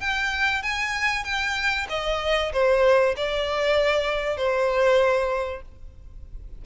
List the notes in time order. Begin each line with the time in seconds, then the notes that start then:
0.00 G5
0.62 G#5
1.24 G5
1.89 D#5
2.53 C5
3.16 D5
4.37 C5